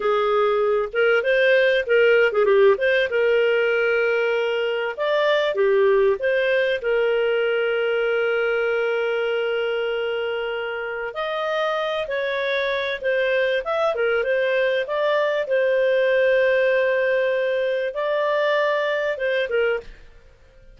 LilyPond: \new Staff \with { instrumentName = "clarinet" } { \time 4/4 \tempo 4 = 97 gis'4. ais'8 c''4 ais'8. gis'16 | g'8 c''8 ais'2. | d''4 g'4 c''4 ais'4~ | ais'1~ |
ais'2 dis''4. cis''8~ | cis''4 c''4 e''8 ais'8 c''4 | d''4 c''2.~ | c''4 d''2 c''8 ais'8 | }